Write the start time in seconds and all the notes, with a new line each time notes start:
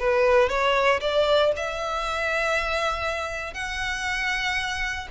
0.00 B4
0.50 C#5
1.01 D5
1.57 E5
3.55 F#5